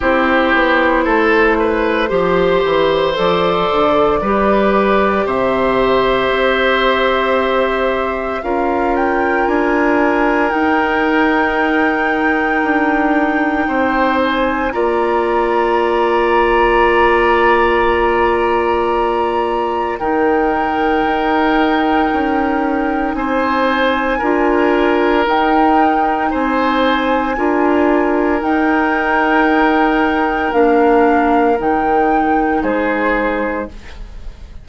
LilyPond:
<<
  \new Staff \with { instrumentName = "flute" } { \time 4/4 \tempo 4 = 57 c''2. d''4~ | d''4 e''2. | f''8 g''8 gis''4 g''2~ | g''4. gis''8 ais''2~ |
ais''2. g''4~ | g''2 gis''2 | g''4 gis''2 g''4~ | g''4 f''4 g''4 c''4 | }
  \new Staff \with { instrumentName = "oboe" } { \time 4/4 g'4 a'8 b'8 c''2 | b'4 c''2. | ais'1~ | ais'4 c''4 d''2~ |
d''2. ais'4~ | ais'2 c''4 ais'4~ | ais'4 c''4 ais'2~ | ais'2. gis'4 | }
  \new Staff \with { instrumentName = "clarinet" } { \time 4/4 e'2 g'4 a'4 | g'1 | f'2 dis'2~ | dis'2 f'2~ |
f'2. dis'4~ | dis'2. f'4 | dis'2 f'4 dis'4~ | dis'4 d'4 dis'2 | }
  \new Staff \with { instrumentName = "bassoon" } { \time 4/4 c'8 b8 a4 f8 e8 f8 d8 | g4 c4 c'2 | cis'4 d'4 dis'2 | d'4 c'4 ais2~ |
ais2. dis4 | dis'4 cis'4 c'4 d'4 | dis'4 c'4 d'4 dis'4~ | dis'4 ais4 dis4 gis4 | }
>>